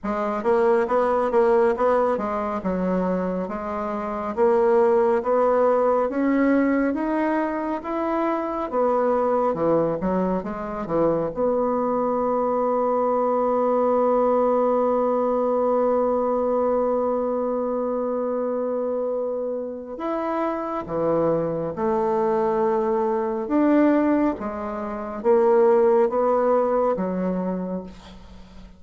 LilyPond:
\new Staff \with { instrumentName = "bassoon" } { \time 4/4 \tempo 4 = 69 gis8 ais8 b8 ais8 b8 gis8 fis4 | gis4 ais4 b4 cis'4 | dis'4 e'4 b4 e8 fis8 | gis8 e8 b2.~ |
b1~ | b2. e'4 | e4 a2 d'4 | gis4 ais4 b4 fis4 | }